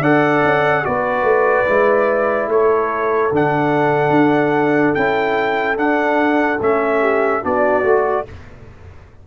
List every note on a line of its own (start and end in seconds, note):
0.00 0.42 D4
0.00 0.83 A4
0.00 0.82 D5
0.00 0.84 F#5
0.43 0.84 C#4
0.83 1.22 B3
0.83 1.66 F#4
0.83 2.50 B4
0.83 2.49 D5
1.22 1.63 A3
1.66 2.47 G#3
1.66 3.30 E4
2.47 3.29 A3
2.47 7.00 A4
2.47 3.32 C#5
3.31 4.10 D3
3.31 4.96 D4
3.31 4.94 F#5
4.10 4.92 D4
4.94 5.76 C#4
4.94 5.76 E4
4.94 5.76 G5
5.76 6.58 D4
5.76 6.59 D4
5.76 6.60 F#5
6.60 7.42 A3
6.60 7.42 C#4
6.60 7.44 E5
7.00 7.41 G4
7.41 7.83 B3
7.41 7.83 D4
7.41 8.24 F#4
7.41 8.27 D5
7.83 8.24 A3
7.83 8.25 F#4